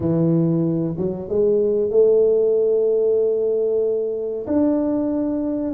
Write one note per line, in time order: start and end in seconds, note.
0.00 0.95 E3
0.97 1.29 F#3
1.29 1.90 G#3
1.90 4.45 A3
4.47 5.73 D4